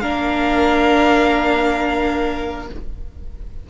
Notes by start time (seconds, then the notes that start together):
0.00 A#3 D4 A#4 F5